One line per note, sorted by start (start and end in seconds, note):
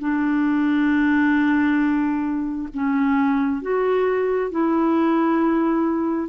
0.00 2.69 D4
2.74 3.62 C#4
3.62 4.51 F#4
4.51 6.29 E4